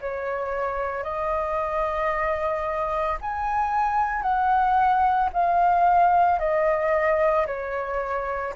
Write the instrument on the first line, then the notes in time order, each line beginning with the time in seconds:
flute
0.00 C#5
1.03 D#5
3.20 G#5
4.22 F#5
5.33 F5
6.39 D#5
7.46 C#5